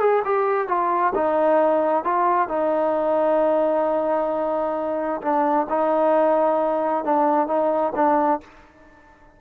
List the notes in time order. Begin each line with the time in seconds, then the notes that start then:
0.00 G#4
0.25 G4
0.68 F4
1.15 D#4
2.04 F4
2.48 D#4
5.21 D4
5.69 D#4
7.04 D4
7.47 D#4
7.95 D4